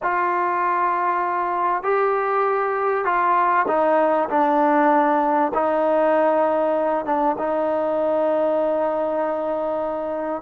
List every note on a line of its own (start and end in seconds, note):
0.02 1.83 F4
1.83 3.04 G4
3.04 3.66 F4
3.67 4.29 D#4
4.29 5.52 D4
5.54 7.05 D#4
7.05 7.36 D4
7.38 10.42 D#4